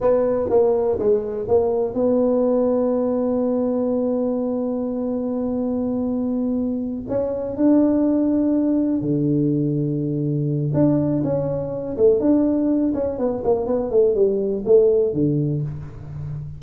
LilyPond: \new Staff \with { instrumentName = "tuba" } { \time 4/4 \tempo 4 = 123 b4 ais4 gis4 ais4 | b1~ | b1~ | b2~ b8 cis'4 d'8~ |
d'2~ d'8 d4.~ | d2 d'4 cis'4~ | cis'8 a8 d'4. cis'8 b8 ais8 | b8 a8 g4 a4 d4 | }